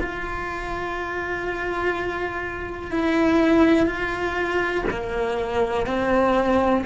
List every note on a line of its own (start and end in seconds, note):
0.00 2.92 F4
2.92 3.86 E4
3.86 4.85 F4
4.90 5.87 A#3
5.87 6.85 C4